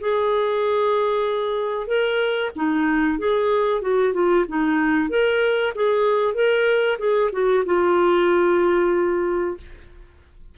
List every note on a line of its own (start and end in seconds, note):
0.00 1.87 G#4
1.87 2.50 A#4
2.56 3.18 D#4
3.18 3.81 G#4
3.81 4.13 F#4
4.13 4.45 F4
4.48 5.09 D#4
5.09 5.73 A#4
5.75 6.34 G#4
6.34 6.97 A#4
6.98 7.30 G#4
7.32 7.64 F#4
7.65 9.57 F4